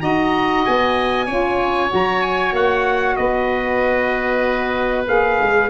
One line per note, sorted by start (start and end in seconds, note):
0.00 0.66 D#4
0.00 1.26 F#4
0.00 1.26 D#5
0.00 0.64 A#5
0.66 1.28 B3
0.66 1.92 G#5
1.26 1.91 C#4
1.26 1.89 F4
1.26 3.16 C#5
1.89 2.53 F#3
1.89 5.05 F#4
1.95 2.22 A#5
2.22 2.54 G#5
2.53 3.16 A#3
2.53 3.16 F#5
3.16 5.07 B3
3.16 5.70 B4
3.16 5.06 D#5
5.07 5.40 A#3
5.07 5.70 G#4
5.07 5.70 F5
5.41 5.70 G#3